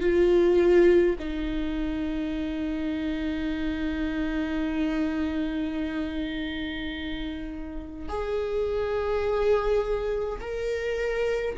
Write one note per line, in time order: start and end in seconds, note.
0.00 1.15 F4
1.19 8.08 D#4
8.08 10.39 G#4
10.41 11.56 A#4